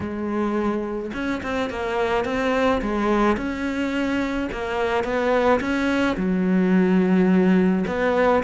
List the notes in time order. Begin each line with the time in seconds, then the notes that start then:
0.00 G#3
1.13 C#4
1.42 C4
1.69 A#3
2.25 C4
2.81 G#3
3.36 C#4
4.52 A#3
5.04 B3
5.60 C#4
6.16 F#3
7.87 B3